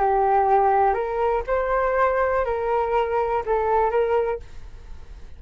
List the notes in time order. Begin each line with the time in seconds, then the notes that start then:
0.00 G4
0.94 A#4
1.47 C5
2.45 A#4
3.46 A4
3.91 A#4